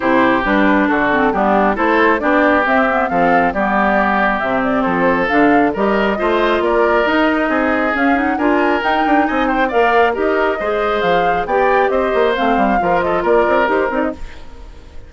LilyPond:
<<
  \new Staff \with { instrumentName = "flute" } { \time 4/4 \tempo 4 = 136 c''4 b'4 a'4 g'4 | c''4 d''4 e''4 f''4 | d''2 e''8 d''8 c''4 | f''4 dis''2 d''4 |
dis''2 f''8 fis''8 gis''4 | g''4 gis''8 g''8 f''4 dis''4~ | dis''4 f''4 g''4 dis''4 | f''4. dis''8 d''4 c''8 d''16 dis''16 | }
  \new Staff \with { instrumentName = "oboe" } { \time 4/4 g'2 fis'4 d'4 | a'4 g'2 a'4 | g'2. a'4~ | a'4 ais'4 c''4 ais'4~ |
ais'4 gis'2 ais'4~ | ais'4 dis''8 c''8 d''4 ais'4 | c''2 d''4 c''4~ | c''4 ais'8 a'8 ais'2 | }
  \new Staff \with { instrumentName = "clarinet" } { \time 4/4 e'4 d'4. c'8 b4 | e'4 d'4 c'8 b8 c'4 | b2 c'2 | d'4 g'4 f'2 |
dis'2 cis'8 dis'8 f'4 | dis'2 ais'4 g'4 | gis'2 g'2 | c'4 f'2 g'8 dis'8 | }
  \new Staff \with { instrumentName = "bassoon" } { \time 4/4 c4 g4 d4 g4 | a4 b4 c'4 f4 | g2 c4 f4 | d4 g4 a4 ais4 |
dis'4 c'4 cis'4 d'4 | dis'8 d'8 c'4 ais4 dis'4 | gis4 f4 b4 c'8 ais8 | a8 g8 f4 ais8 c'8 dis'8 c'8 | }
>>